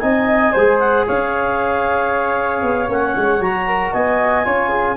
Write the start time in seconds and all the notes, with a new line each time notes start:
0.00 C4 D#4 D#5 G#5
0.53 G#3 G#4 C5
0.79 F#5
1.07 C#4 C#5 F5
2.63 B3
2.88 A#3 C#4 F#5
3.16 G#3
3.40 F#3 F#4 A#5
3.67 A#4
3.93 B3 D#5 G#5
4.45 C#4 F4 C#5
4.69 G#4